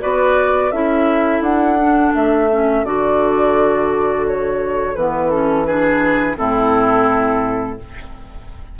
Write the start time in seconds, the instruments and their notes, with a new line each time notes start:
0.00 bassoon B3, clarinet F#4, oboe B4, flute D5
0.71 bassoon C#4, clarinet E4, oboe A4, flute E5
1.41 bassoon D4, flute F#5
1.78 clarinet D4
2.14 bassoon A3, flute E5
2.50 clarinet C#4
2.84 bassoon D3, clarinet F#4, flute D5
4.26 flute C#5
4.95 bassoon E3, clarinet B3, flute B4
5.30 clarinet C#4, flute A4
5.65 clarinet D4, oboe G#4, flute B4
6.36 bassoon A2, clarinet C4, oboe E4, flute A4